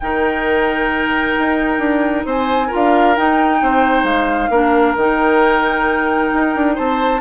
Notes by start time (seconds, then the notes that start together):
0.00 D#3 D#4 A#4 G5
1.38 D#4
1.78 D4
2.25 C4 C5 G#5
2.67 F4 A#4
2.74 D4 F5
3.16 D#4 G5
3.62 C4 C5
4.03 G#3 F5
4.49 A#3 D4 A#4
4.96 D#3 D#4 G5
6.33 D#4
6.55 D4
6.75 C4 C5 A5